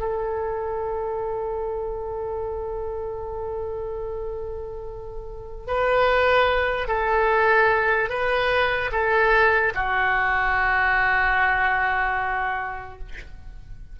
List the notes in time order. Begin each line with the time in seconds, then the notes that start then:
0.00 A4
5.67 B4
6.88 A4
8.09 B4
8.92 A4
9.74 F#4